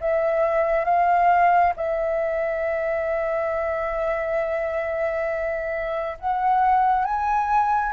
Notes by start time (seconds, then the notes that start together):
0.00 E5
0.84 F5
1.76 E5
6.19 F#5
7.04 G#5